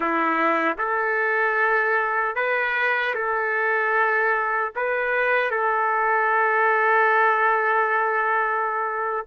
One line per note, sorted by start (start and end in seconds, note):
0.00 0.77 E4
0.78 2.35 A4
2.35 3.14 B4
3.14 4.72 A4
4.75 5.50 B4
5.50 9.25 A4